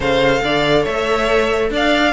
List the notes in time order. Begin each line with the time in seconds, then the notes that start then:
0.00 C#3 A4 C5 F5
0.42 D3 D5
0.83 A3 C#5 E5
1.70 D4 D5 F5